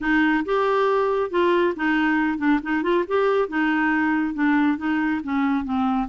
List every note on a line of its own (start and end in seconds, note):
0.00 0.44 D#4
0.45 1.30 G4
1.30 1.74 F4
1.75 2.38 D#4
2.38 2.59 D4
2.63 2.82 D#4
2.82 3.04 F4
3.07 3.48 G4
3.48 4.34 D#4
4.34 4.77 D4
4.77 5.21 D#4
5.23 5.64 C#4
5.64 6.08 C4